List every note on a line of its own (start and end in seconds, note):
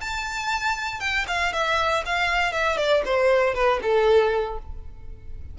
0.00 1.00 A5
1.00 1.25 G5
1.27 1.52 F5
1.52 2.03 E5
2.05 2.52 F5
2.52 2.77 E5
2.77 3.02 D5
3.05 3.54 C5
3.54 3.80 B4
3.82 4.58 A4